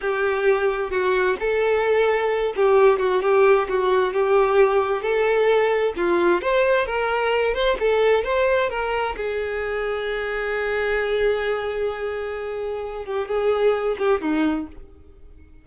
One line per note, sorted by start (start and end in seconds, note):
0.01 0.90 G4
0.90 1.36 F#4
1.39 2.54 A4
2.56 2.99 G4
2.99 3.22 F#4
3.22 3.67 G4
3.68 4.13 F#4
4.13 5.02 G4
5.02 5.93 A4
5.96 6.41 F4
6.41 6.85 C5
6.85 7.54 A#4
7.54 7.77 C5
7.79 8.24 A4
8.24 8.69 C5
8.69 9.15 A#4
9.16 13.05 G#4
13.05 13.27 G4
13.27 13.96 G#4
13.98 14.21 G4
14.21 14.67 D#4